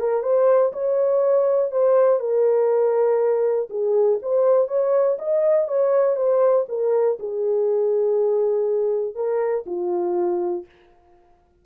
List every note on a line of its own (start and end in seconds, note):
0.00 0.23 A#4
0.23 0.72 C5
0.73 1.72 C#5
1.72 2.20 C5
2.20 3.69 A#4
3.70 4.19 G#4
4.22 4.68 C5
4.68 5.18 C#5
5.19 5.68 D#5
5.68 6.16 C#5
6.16 6.66 C5
6.69 7.19 A#4
7.19 9.15 G#4
9.15 9.65 A#4
9.66 10.66 F4